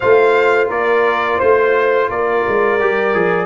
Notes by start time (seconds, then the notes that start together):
0.00 A3 F4 C5 F5
0.68 A#3 A#4 D5
1.37 A3 C5
2.09 A#3 A#4 D5
2.48 G#3
2.80 G3 G4
3.14 F3 G#4